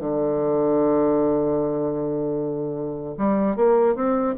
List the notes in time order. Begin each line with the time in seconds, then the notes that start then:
0.00 D3
3.18 G3
3.56 A#3
3.95 C4